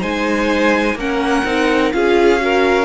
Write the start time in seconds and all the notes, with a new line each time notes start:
0.00 G#3 D#4 C5 G#5
0.95 A#3 C#4 A#4 F#5
1.44 C4 D#4
1.92 C#4 F4 G#4 F5
2.38 F#4 A#4